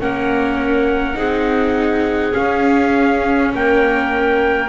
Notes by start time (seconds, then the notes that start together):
0.00 A#3 C#4 A#4 F#5
1.15 C4 D#4 G#4
2.32 C#4 F5
3.54 A#3 A#4 G5